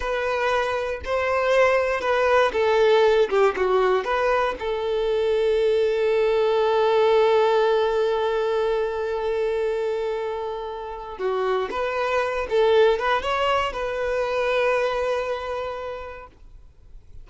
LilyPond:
\new Staff \with { instrumentName = "violin" } { \time 4/4 \tempo 4 = 118 b'2 c''2 | b'4 a'4. g'8 fis'4 | b'4 a'2.~ | a'1~ |
a'1~ | a'2 fis'4 b'4~ | b'8 a'4 b'8 cis''4 b'4~ | b'1 | }